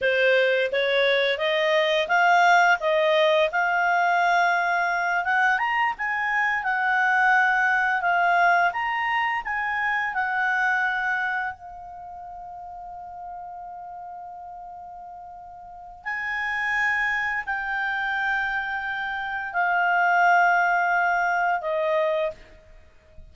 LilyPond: \new Staff \with { instrumentName = "clarinet" } { \time 4/4 \tempo 4 = 86 c''4 cis''4 dis''4 f''4 | dis''4 f''2~ f''8 fis''8 | ais''8 gis''4 fis''2 f''8~ | f''8 ais''4 gis''4 fis''4.~ |
fis''8 f''2.~ f''8~ | f''2. gis''4~ | gis''4 g''2. | f''2. dis''4 | }